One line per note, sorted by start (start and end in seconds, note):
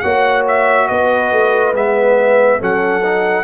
0.00 0.90 A#3
0.00 1.74 F#4
0.00 0.88 C#5
0.00 0.43 F#5
0.48 0.88 E5
0.88 1.32 B3
0.88 2.59 B4
0.88 1.74 D#5
1.32 1.74 A3
1.74 2.59 G#3
1.74 2.60 B3
1.74 2.62 E5
2.59 3.44 F#3
2.59 3.03 C#4
2.59 3.44 A4
2.59 3.44 F#5
3.04 3.44 D#4